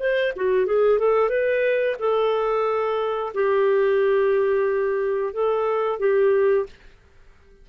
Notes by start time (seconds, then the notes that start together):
0.00 C5
0.36 F#4
0.66 G#4
0.99 A4
1.29 B4
2.00 A4
3.34 G4
5.34 A4
5.99 G4